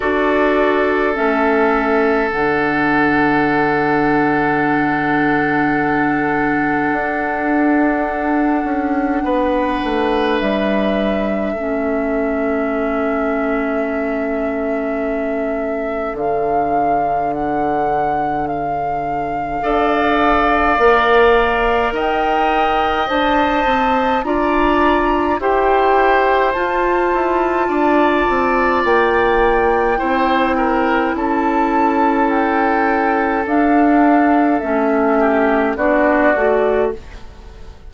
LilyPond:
<<
  \new Staff \with { instrumentName = "flute" } { \time 4/4 \tempo 4 = 52 d''4 e''4 fis''2~ | fis''1~ | fis''4 e''2.~ | e''2 f''4 fis''4 |
f''2. g''4 | a''4 ais''4 g''4 a''4~ | a''4 g''2 a''4 | g''4 f''4 e''4 d''4 | }
  \new Staff \with { instrumentName = "oboe" } { \time 4/4 a'1~ | a'1 | b'2 a'2~ | a'1~ |
a'4 d''2 dis''4~ | dis''4 d''4 c''2 | d''2 c''8 ais'8 a'4~ | a'2~ a'8 g'8 fis'4 | }
  \new Staff \with { instrumentName = "clarinet" } { \time 4/4 fis'4 cis'4 d'2~ | d'1~ | d'2 cis'2~ | cis'2 d'2~ |
d'4 a'4 ais'2 | c''4 f'4 g'4 f'4~ | f'2 e'2~ | e'4 d'4 cis'4 d'8 fis'8 | }
  \new Staff \with { instrumentName = "bassoon" } { \time 4/4 d'4 a4 d2~ | d2 d'4. cis'8 | b8 a8 g4 a2~ | a2 d2~ |
d4 d'4 ais4 dis'4 | d'8 c'8 d'4 e'4 f'8 e'8 | d'8 c'8 ais4 c'4 cis'4~ | cis'4 d'4 a4 b8 a8 | }
>>